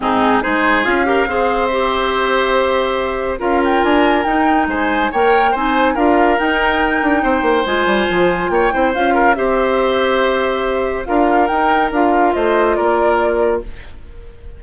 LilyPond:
<<
  \new Staff \with { instrumentName = "flute" } { \time 4/4 \tempo 4 = 141 gis'4 c''4 f''2 | e''1 | f''8 g''8 gis''4 g''4 gis''4 | g''4 gis''4 f''4 g''4~ |
g''2 gis''2 | g''4 f''4 e''2~ | e''2 f''4 g''4 | f''4 dis''4 d''2 | }
  \new Staff \with { instrumentName = "oboe" } { \time 4/4 dis'4 gis'4. ais'8 c''4~ | c''1 | ais'2. c''4 | cis''4 c''4 ais'2~ |
ais'4 c''2. | cis''8 c''4 ais'8 c''2~ | c''2 ais'2~ | ais'4 c''4 ais'2 | }
  \new Staff \with { instrumentName = "clarinet" } { \time 4/4 c'4 dis'4 f'8 g'8 gis'4 | g'1 | f'2 dis'2 | ais'4 dis'4 f'4 dis'4~ |
dis'2 f'2~ | f'8 e'8 f'4 g'2~ | g'2 f'4 dis'4 | f'1 | }
  \new Staff \with { instrumentName = "bassoon" } { \time 4/4 gis,4 gis4 cis'4 c'4~ | c'1 | cis'4 d'4 dis'4 gis4 | ais4 c'4 d'4 dis'4~ |
dis'8 d'8 c'8 ais8 gis8 g8 f4 | ais8 c'8 cis'4 c'2~ | c'2 d'4 dis'4 | d'4 a4 ais2 | }
>>